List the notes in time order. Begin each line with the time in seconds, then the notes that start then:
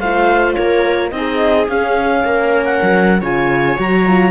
0.00 A3 F4 C5 F5
0.55 A#3 A#4 C#5
1.11 C4 D#4 D#5
1.17 G#4
1.69 C#4 F5
2.25 A#3 A#4
2.65 F#5
2.83 F#3
3.21 C#3 F4 C#5 G#5
3.77 F#3 F#4 A#5
4.08 F4